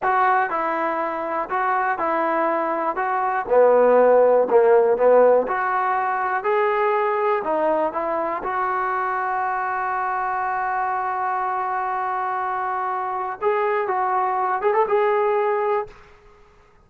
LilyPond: \new Staff \with { instrumentName = "trombone" } { \time 4/4 \tempo 4 = 121 fis'4 e'2 fis'4 | e'2 fis'4 b4~ | b4 ais4 b4 fis'4~ | fis'4 gis'2 dis'4 |
e'4 fis'2.~ | fis'1~ | fis'2. gis'4 | fis'4. gis'16 a'16 gis'2 | }